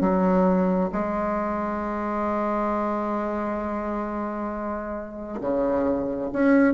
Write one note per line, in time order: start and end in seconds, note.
0.00 0.90 F#3
0.92 5.40 G#3
5.40 6.30 C#3
6.32 6.73 C#4